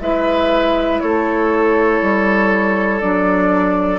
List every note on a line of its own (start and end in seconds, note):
0.00 1.00 G#3
0.00 3.01 E4
0.00 1.02 B4
0.00 1.00 E5
1.00 2.02 A3
1.00 3.99 A4
1.00 3.00 C#5
2.02 3.02 G3
3.00 3.99 F#3
3.00 3.99 D4
3.00 3.99 D5